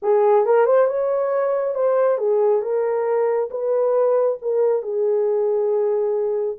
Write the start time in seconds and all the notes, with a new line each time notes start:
0.02 G#4
0.45 A#4
0.65 C5
0.87 C#5
1.74 C5
2.18 G#4
2.62 A#4
3.50 B4
4.41 A#4
4.82 G#4